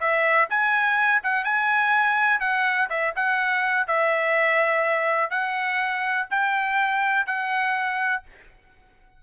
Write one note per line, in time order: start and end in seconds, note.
0.00 0.48 E5
0.50 1.23 G#5
1.23 1.45 F#5
1.45 2.40 G#5
2.40 2.88 F#5
2.90 3.14 E5
3.16 3.87 F#5
3.87 5.30 E5
5.30 6.27 F#5
6.31 7.26 G5
7.26 8.23 F#5